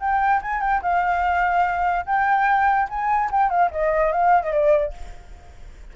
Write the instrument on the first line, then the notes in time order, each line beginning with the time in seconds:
flute
0.00 G5
0.42 G#5
0.61 G5
0.82 F5
2.06 G5
2.90 G#5
3.32 G5
3.51 F5
3.72 D#5
4.13 F5
4.43 D#5
4.52 D5